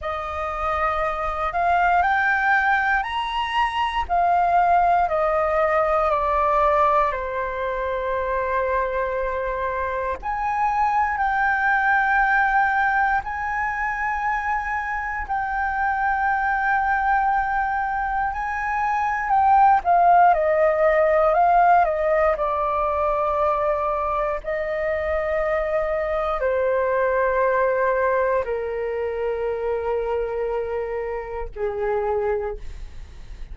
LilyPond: \new Staff \with { instrumentName = "flute" } { \time 4/4 \tempo 4 = 59 dis''4. f''8 g''4 ais''4 | f''4 dis''4 d''4 c''4~ | c''2 gis''4 g''4~ | g''4 gis''2 g''4~ |
g''2 gis''4 g''8 f''8 | dis''4 f''8 dis''8 d''2 | dis''2 c''2 | ais'2. gis'4 | }